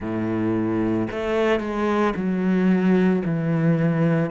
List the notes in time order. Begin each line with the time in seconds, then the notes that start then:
0.00 A2
1.11 A3
1.60 G#3
2.15 F#3
3.25 E3